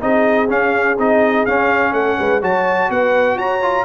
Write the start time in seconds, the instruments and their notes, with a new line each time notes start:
0.00 tuba C4, trombone D#4, horn G#4, trumpet D#5
0.49 trombone C#4, tuba C#4, trumpet F5
0.98 tuba C4, trombone D#4, trumpet D#5
1.46 tuba C#4, trombone C#4, trumpet F5
1.93 tuba A3, horn A4, trumpet F#5
2.19 tuba G#3, horn B4
2.42 tuba F#3, trombone F#4, horn C#5, trumpet A5
2.90 tuba B3, horn B4, trumpet F#5
3.36 tuba F#4, horn C#5, trumpet A#5
3.62 trombone F4